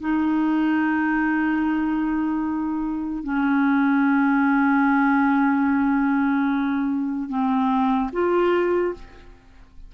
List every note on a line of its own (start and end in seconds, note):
0.00 3.24 D#4
3.24 7.29 C#4
7.29 8.10 C4
8.13 8.94 F4